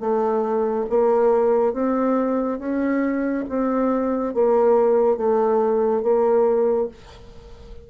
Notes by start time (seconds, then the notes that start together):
0.00 A3
0.90 A#3
1.73 C4
2.59 C#4
3.49 C4
4.34 A#3
5.17 A3
6.02 A#3